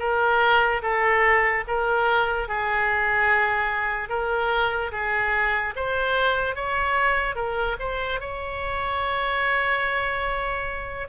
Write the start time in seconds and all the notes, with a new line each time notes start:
0.00 A#4
0.83 A4
1.68 A#4
2.48 G#4
4.10 A#4
4.92 G#4
5.76 C5
6.56 C#5
7.36 A#4
7.80 C5
8.21 C#5